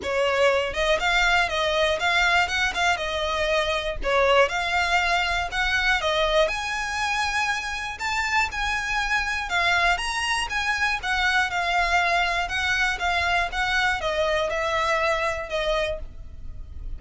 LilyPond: \new Staff \with { instrumentName = "violin" } { \time 4/4 \tempo 4 = 120 cis''4. dis''8 f''4 dis''4 | f''4 fis''8 f''8 dis''2 | cis''4 f''2 fis''4 | dis''4 gis''2. |
a''4 gis''2 f''4 | ais''4 gis''4 fis''4 f''4~ | f''4 fis''4 f''4 fis''4 | dis''4 e''2 dis''4 | }